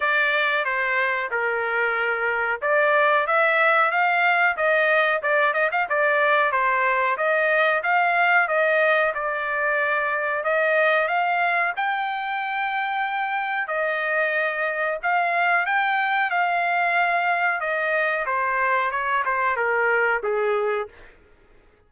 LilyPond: \new Staff \with { instrumentName = "trumpet" } { \time 4/4 \tempo 4 = 92 d''4 c''4 ais'2 | d''4 e''4 f''4 dis''4 | d''8 dis''16 f''16 d''4 c''4 dis''4 | f''4 dis''4 d''2 |
dis''4 f''4 g''2~ | g''4 dis''2 f''4 | g''4 f''2 dis''4 | c''4 cis''8 c''8 ais'4 gis'4 | }